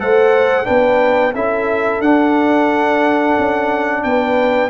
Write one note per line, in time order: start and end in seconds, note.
0.00 0.68 A3
0.00 0.65 A4
0.00 0.65 C5
0.00 0.66 F#5
0.65 1.35 B3
0.65 1.32 D4
0.65 1.33 B4
0.65 1.34 G5
1.35 2.00 C#4
1.35 2.03 E4
1.35 4.05 A4
1.35 2.02 E5
2.00 3.35 D4
2.00 4.70 D4
2.00 4.04 F#5
3.38 4.05 C#4
4.04 4.70 B3
4.04 4.70 B4
4.04 4.70 G5